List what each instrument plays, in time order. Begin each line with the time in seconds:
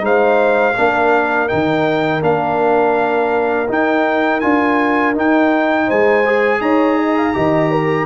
0.00 tuba G#3, trombone D#4, horn C5, trumpet F5
0.77 tuba A#3, trombone D4, horn A#4
1.48 tuba D#3, trombone D#4, trumpet G5
2.21 tuba A#3, trombone D4, trumpet F5
3.69 trombone D#4, tuba D#4, trumpet G5
4.41 tuba D4, trombone F4, trumpet G#5
5.14 trombone D#4, tuba D#4, trumpet G5
5.86 tuba G#3, horn C5, trumpet G#5
6.26 trombone G#4
6.61 tuba D#4, horn C#5, trumpet A#5
6.98 horn D#5
7.17 horn F5
7.33 tuba D#3, trombone G4, horn D#5
7.71 horn A#4